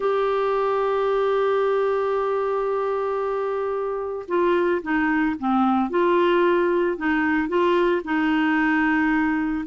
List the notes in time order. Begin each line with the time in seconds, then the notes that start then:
0.00 G4
4.28 F4
4.82 D#4
5.39 C4
5.90 F4
6.97 D#4
7.48 F4
8.04 D#4